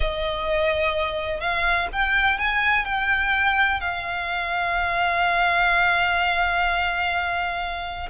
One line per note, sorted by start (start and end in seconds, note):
0.00 1.40 D#5
1.40 1.88 F5
1.92 2.38 G5
2.38 2.85 G#5
2.85 3.80 G5
3.80 8.09 F5